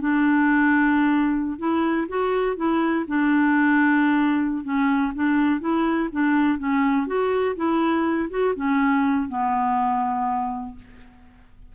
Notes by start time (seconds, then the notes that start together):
0.00 D4
1.58 E4
2.08 F#4
2.56 E4
3.07 D4
4.64 C#4
5.15 D4
5.60 E4
6.12 D4
6.58 C#4
7.06 F#4
7.56 E4
8.30 F#4
8.55 C#4
9.29 B3